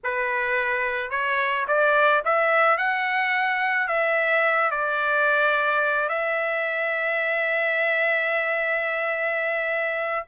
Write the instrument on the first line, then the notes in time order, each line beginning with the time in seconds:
trumpet
0.03 B4
1.10 C#5
1.67 D5
2.24 E5
2.77 F#5
3.87 E5
4.70 D5
6.08 E5